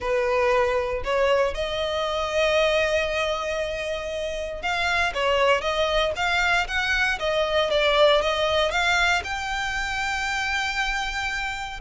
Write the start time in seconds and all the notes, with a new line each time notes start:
0.00 B4
1.04 C#5
1.54 D#5
4.62 F5
5.14 C#5
5.61 D#5
6.15 F5
6.67 F#5
7.19 D#5
7.70 D5
8.21 D#5
8.71 F5
9.24 G5